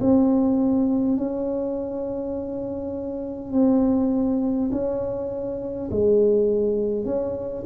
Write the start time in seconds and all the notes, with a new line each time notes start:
0.00 C4
1.17 C#4
3.52 C4
4.72 C#4
5.91 G#3
7.05 C#4